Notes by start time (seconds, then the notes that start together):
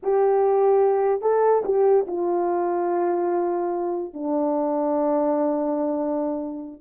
0.02 G4
1.21 A4
1.64 G4
2.07 F4
4.13 D4